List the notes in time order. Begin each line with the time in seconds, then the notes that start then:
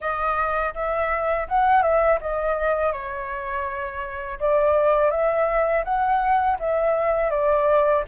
0.00 D#5
0.74 E5
1.48 F#5
1.82 E5
2.21 D#5
2.92 C#5
4.39 D5
5.11 E5
5.84 F#5
6.59 E5
7.30 D5